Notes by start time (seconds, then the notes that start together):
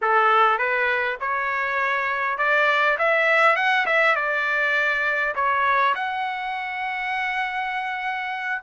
0.01 A4
0.58 B4
1.20 C#5
2.38 D5
2.98 E5
3.56 F#5
3.86 E5
4.15 D5
5.35 C#5
5.95 F#5